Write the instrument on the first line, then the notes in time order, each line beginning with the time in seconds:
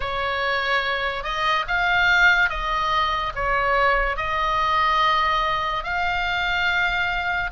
oboe
0.00 C#5
1.23 D#5
1.67 F5
2.49 D#5
3.35 C#5
4.17 D#5
5.83 F5